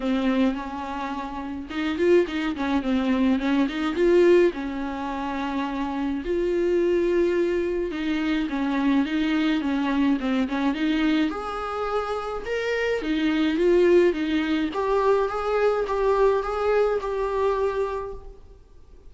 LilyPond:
\new Staff \with { instrumentName = "viola" } { \time 4/4 \tempo 4 = 106 c'4 cis'2 dis'8 f'8 | dis'8 cis'8 c'4 cis'8 dis'8 f'4 | cis'2. f'4~ | f'2 dis'4 cis'4 |
dis'4 cis'4 c'8 cis'8 dis'4 | gis'2 ais'4 dis'4 | f'4 dis'4 g'4 gis'4 | g'4 gis'4 g'2 | }